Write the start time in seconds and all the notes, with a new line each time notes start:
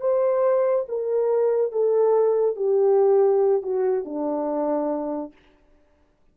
0.00 C5
0.88 A#4
1.72 A4
2.55 G4
3.62 F#4
4.04 D4